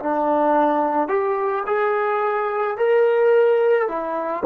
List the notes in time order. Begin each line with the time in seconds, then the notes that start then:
0.00 D4
1.09 G4
1.67 G#4
2.78 A#4
3.88 E4